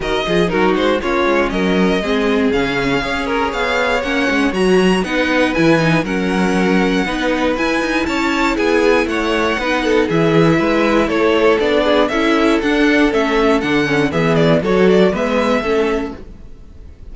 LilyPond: <<
  \new Staff \with { instrumentName = "violin" } { \time 4/4 \tempo 4 = 119 dis''4 ais'8 c''8 cis''4 dis''4~ | dis''4 f''4. ais'8 f''4 | fis''4 ais''4 fis''4 gis''4 | fis''2. gis''4 |
a''4 gis''4 fis''2 | e''2 cis''4 d''4 | e''4 fis''4 e''4 fis''4 | e''8 d''8 cis''8 d''8 e''2 | }
  \new Staff \with { instrumentName = "violin" } { \time 4/4 ais'8 gis'8 fis'4 f'4 ais'4 | gis'2 cis''2~ | cis''2 b'2 | ais'2 b'2 |
cis''4 gis'4 cis''4 b'8 a'8 | gis'4 b'4 a'4. gis'8 | a'1 | gis'4 a'4 b'4 a'4 | }
  \new Staff \with { instrumentName = "viola" } { \time 4/4 fis'8 f'8 dis'4 cis'2 | c'4 cis'4 gis'2 | cis'4 fis'4 dis'4 e'8 dis'8 | cis'2 dis'4 e'4~ |
e'2. dis'4 | e'2. d'4 | e'4 d'4 cis'4 d'8 cis'8 | b4 fis'4 b4 cis'4 | }
  \new Staff \with { instrumentName = "cello" } { \time 4/4 dis8 f8 fis8 gis8 ais8 gis8 fis4 | gis4 cis4 cis'4 b4 | ais8 gis8 fis4 b4 e4 | fis2 b4 e'8 dis'8 |
cis'4 b4 a4 b4 | e4 gis4 a4 b4 | cis'4 d'4 a4 d4 | e4 fis4 gis4 a4 | }
>>